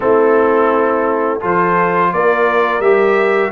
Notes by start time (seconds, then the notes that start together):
0.00 A3 C4 E4 A4
1.39 F3 F4 A4 C5
2.13 A#3 A#4 D5
2.79 G3 G4 E5